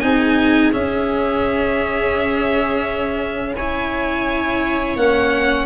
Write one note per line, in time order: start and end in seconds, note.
0.00 0.73 C4
0.00 0.72 D#4
0.00 3.56 G#4
0.00 0.71 G#5
0.72 3.54 C#4
0.72 4.96 C#4
0.72 3.55 E5
3.56 4.98 E4
3.56 5.66 C#5
3.56 4.96 G#5
4.96 5.66 A#3
4.96 5.66 C#4
4.96 5.66 F#5